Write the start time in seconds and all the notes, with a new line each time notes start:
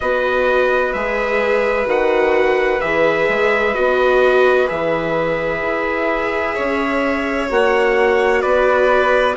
0.00 B3 F#4 B4 D#5
0.93 G#3 G#4 E5
1.85 D#3 F#4 F#5
2.80 E3 G#4 E5
3.28 G#3
3.74 B3 F#4 D#5
4.67 E3 G#4 E5
5.61 E4
6.54 C#4 C#5
7.49 A#3 F#4 F#5
8.41 B3 B4 D5